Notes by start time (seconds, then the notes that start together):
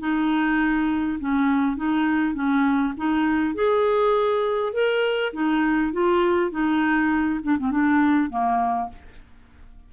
0.00 D#4
1.20 C#4
1.77 D#4
2.34 C#4
2.97 D#4
3.55 G#4
4.73 A#4
5.33 D#4
5.93 F4
6.51 D#4
7.43 D4
7.59 C4
7.71 D4
8.30 A#3